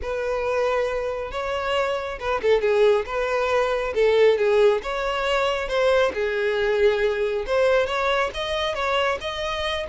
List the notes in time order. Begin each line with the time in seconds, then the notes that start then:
0.02 B4
1.31 C#5
2.19 B4
2.42 A4
2.61 G#4
3.06 B4
3.94 A4
4.38 G#4
4.83 C#5
5.68 C5
6.14 G#4
7.46 C5
7.86 C#5
8.34 D#5
8.74 C#5
9.20 D#5